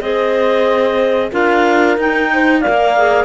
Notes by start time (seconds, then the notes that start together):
0.00 C4 G#4 C5 D#5
1.32 D4 F4 A#4 F5
1.97 D#4 G5
2.33 C5
2.61 A#4 D5 F5
2.67 A#3
2.98 G#4